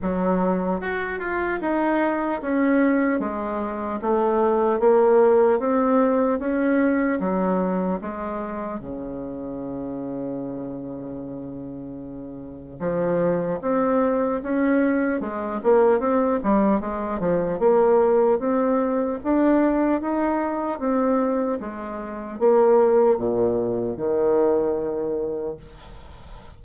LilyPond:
\new Staff \with { instrumentName = "bassoon" } { \time 4/4 \tempo 4 = 75 fis4 fis'8 f'8 dis'4 cis'4 | gis4 a4 ais4 c'4 | cis'4 fis4 gis4 cis4~ | cis1 |
f4 c'4 cis'4 gis8 ais8 | c'8 g8 gis8 f8 ais4 c'4 | d'4 dis'4 c'4 gis4 | ais4 ais,4 dis2 | }